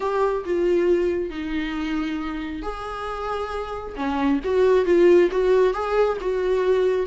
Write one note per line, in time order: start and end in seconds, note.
0.00 0.44 G4
0.45 1.30 F4
1.30 2.62 D#4
2.62 3.94 G#4
3.96 4.40 C#4
4.43 4.85 F#4
4.85 5.29 F4
5.31 5.73 F#4
5.73 6.17 G#4
6.20 7.06 F#4